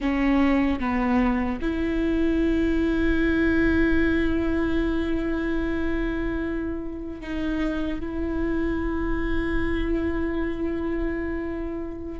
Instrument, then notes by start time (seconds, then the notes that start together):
viola
0.00 C#4
0.79 B3
1.61 E4
7.20 D#4
8.00 E4